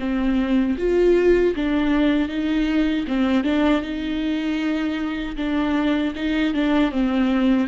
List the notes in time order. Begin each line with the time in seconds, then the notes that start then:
0.00 C4
0.78 F4
1.56 D4
2.29 D#4
3.08 C4
3.44 D4
3.83 D#4
5.37 D4
6.16 D#4
6.54 D4
6.92 C4